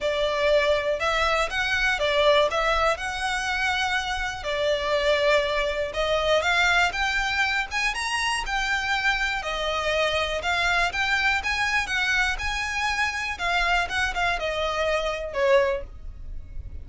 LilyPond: \new Staff \with { instrumentName = "violin" } { \time 4/4 \tempo 4 = 121 d''2 e''4 fis''4 | d''4 e''4 fis''2~ | fis''4 d''2. | dis''4 f''4 g''4. gis''8 |
ais''4 g''2 dis''4~ | dis''4 f''4 g''4 gis''4 | fis''4 gis''2 f''4 | fis''8 f''8 dis''2 cis''4 | }